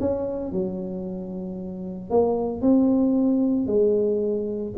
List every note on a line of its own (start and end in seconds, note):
0.00 0.52 C#4
0.52 2.10 F#3
2.10 2.61 A#3
2.61 3.66 C4
3.66 4.73 G#3